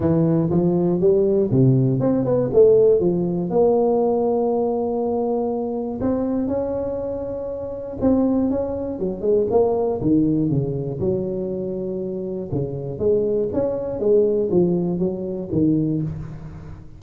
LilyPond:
\new Staff \with { instrumentName = "tuba" } { \time 4/4 \tempo 4 = 120 e4 f4 g4 c4 | c'8 b8 a4 f4 ais4~ | ais1 | c'4 cis'2. |
c'4 cis'4 fis8 gis8 ais4 | dis4 cis4 fis2~ | fis4 cis4 gis4 cis'4 | gis4 f4 fis4 dis4 | }